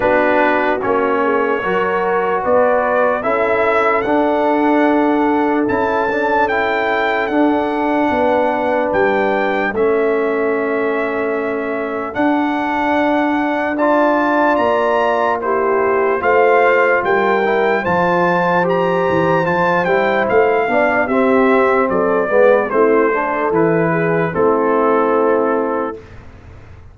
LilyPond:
<<
  \new Staff \with { instrumentName = "trumpet" } { \time 4/4 \tempo 4 = 74 b'4 cis''2 d''4 | e''4 fis''2 a''4 | g''4 fis''2 g''4 | e''2. fis''4~ |
fis''4 a''4 ais''4 c''4 | f''4 g''4 a''4 ais''4 | a''8 g''8 f''4 e''4 d''4 | c''4 b'4 a'2 | }
  \new Staff \with { instrumentName = "horn" } { \time 4/4 fis'4. gis'8 ais'4 b'4 | a'1~ | a'2 b'2 | a'1~ |
a'4 d''2 g'4 | c''4 ais'4 c''2~ | c''4. d''8 g'4 a'8 b'8 | e'8 a'4 gis'8 e'2 | }
  \new Staff \with { instrumentName = "trombone" } { \time 4/4 d'4 cis'4 fis'2 | e'4 d'2 e'8 d'8 | e'4 d'2. | cis'2. d'4~ |
d'4 f'2 e'4 | f'4. e'8 f'4 g'4 | f'8 e'4 d'8 c'4. b8 | c'8 d'8 e'4 c'2 | }
  \new Staff \with { instrumentName = "tuba" } { \time 4/4 b4 ais4 fis4 b4 | cis'4 d'2 cis'4~ | cis'4 d'4 b4 g4 | a2. d'4~ |
d'2 ais2 | a4 g4 f4. e8 | f8 g8 a8 b8 c'4 fis8 gis8 | a4 e4 a2 | }
>>